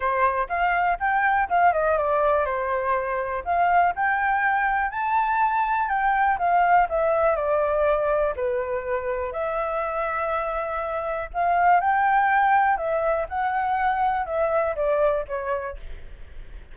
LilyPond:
\new Staff \with { instrumentName = "flute" } { \time 4/4 \tempo 4 = 122 c''4 f''4 g''4 f''8 dis''8 | d''4 c''2 f''4 | g''2 a''2 | g''4 f''4 e''4 d''4~ |
d''4 b'2 e''4~ | e''2. f''4 | g''2 e''4 fis''4~ | fis''4 e''4 d''4 cis''4 | }